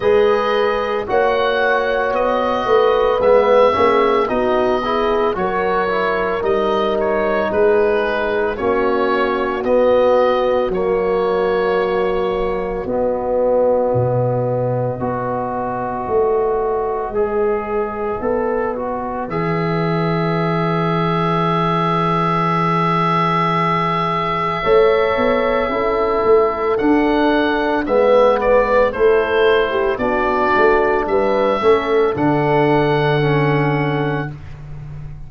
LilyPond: <<
  \new Staff \with { instrumentName = "oboe" } { \time 4/4 \tempo 4 = 56 dis''4 fis''4 dis''4 e''4 | dis''4 cis''4 dis''8 cis''8 b'4 | cis''4 dis''4 cis''2 | dis''1~ |
dis''2 e''2~ | e''1~ | e''4 fis''4 e''8 d''8 c''4 | d''4 e''4 fis''2 | }
  \new Staff \with { instrumentName = "horn" } { \time 4/4 b'4 cis''4. b'4 gis'8 | fis'8 gis'8 ais'2 gis'4 | fis'1~ | fis'2 b'2~ |
b'1~ | b'2. cis''4 | a'2 b'4 a'8. g'16 | fis'4 b'8 a'2~ a'8 | }
  \new Staff \with { instrumentName = "trombone" } { \time 4/4 gis'4 fis'2 b8 cis'8 | dis'8 e'8 fis'8 e'8 dis'2 | cis'4 b4 ais2 | b2 fis'2 |
gis'4 a'8 fis'8 gis'2~ | gis'2. a'4 | e'4 d'4 b4 e'4 | d'4. cis'8 d'4 cis'4 | }
  \new Staff \with { instrumentName = "tuba" } { \time 4/4 gis4 ais4 b8 a8 gis8 ais8 | b4 fis4 g4 gis4 | ais4 b4 fis2 | b4 b,4 b4 a4 |
gis4 b4 e2~ | e2. a8 b8 | cis'8 a8 d'4 gis4 a4 | b8 a8 g8 a8 d2 | }
>>